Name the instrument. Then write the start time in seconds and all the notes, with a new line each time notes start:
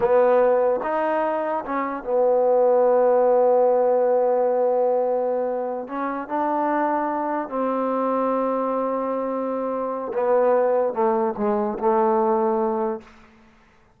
trombone
0.00 B3
0.83 D#4
1.65 C#4
2.03 B3
5.87 C#4
6.28 D4
7.49 C4
10.13 B3
10.93 A3
11.37 G#3
11.78 A3